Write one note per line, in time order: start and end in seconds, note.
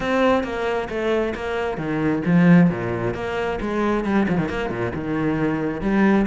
0.00 0.43 C4
0.43 0.88 A#3
0.89 1.34 A3
1.34 1.77 A#3
1.77 2.22 D#3
2.25 2.70 F3
2.70 3.14 A#2
3.14 3.59 A#3
3.60 4.04 G#3
4.04 4.26 G3
4.28 4.37 F3
4.37 4.48 D#3
4.48 4.70 A#3
4.70 4.92 A#2
4.94 5.81 D#3
5.81 6.26 G3